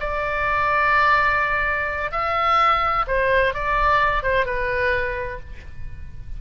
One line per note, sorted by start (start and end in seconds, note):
0.00 2.11 D5
2.12 3.06 E5
3.07 3.54 C5
3.54 4.23 D5
4.23 4.46 C5
4.46 5.39 B4